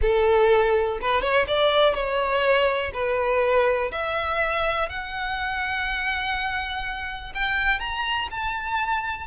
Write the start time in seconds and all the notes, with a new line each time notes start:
0.01 A4
1.01 B4
1.21 C#5
1.47 D5
1.94 C#5
2.93 B4
3.91 E5
4.89 F#5
7.34 G5
7.79 A#5
8.30 A5